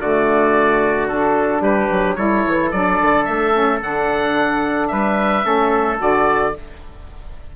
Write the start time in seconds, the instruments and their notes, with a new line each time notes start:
0.00 bassoon D3, saxophone A3, trumpet F#4, oboe D5
1.08 saxophone D4, oboe A4
1.61 bassoon G3, trumpet G4, oboe B4
1.91 bassoon F#3
2.16 bassoon G3, saxophone E4, trumpet A4, oboe C#5
2.47 bassoon E3
2.72 bassoon F#3, saxophone D4, oboe D5
3.02 bassoon D3
3.25 bassoon A3, oboe E5
3.53 saxophone C#4
3.81 bassoon D3, saxophone D4, oboe F#5
4.88 bassoon G3, trumpet B4, oboe E5
5.42 bassoon A3, saxophone C#4, trumpet A4
5.99 bassoon D3, saxophone F#4, oboe D5